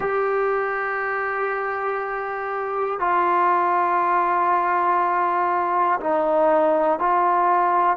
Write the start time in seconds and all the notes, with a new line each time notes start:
0.00 G4
3.00 F4
6.00 D#4
6.99 F4